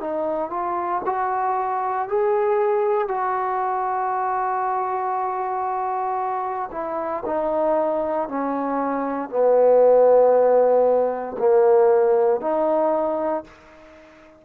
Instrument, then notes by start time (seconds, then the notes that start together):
trombone
0.00 D#4
0.50 F4
1.05 F#4
2.08 G#4
3.08 F#4
6.71 E4
7.25 D#4
8.28 C#4
9.29 B3
11.38 A#3
12.40 D#4